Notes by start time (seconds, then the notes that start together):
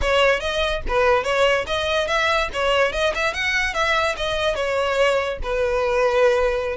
0.01 C#5
0.40 D#5
0.88 B4
1.23 C#5
1.66 D#5
2.07 E5
2.53 C#5
2.92 D#5
3.15 E5
3.33 F#5
3.74 E5
4.17 D#5
4.55 C#5
5.42 B4